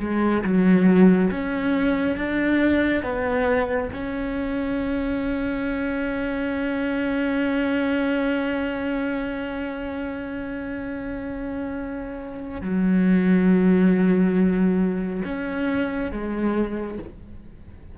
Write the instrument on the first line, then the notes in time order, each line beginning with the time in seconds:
cello
0.00 G#3
0.44 F#3
1.31 C#4
2.17 D4
3.03 B3
3.93 C#4
12.61 F#3
15.25 C#4
16.11 G#3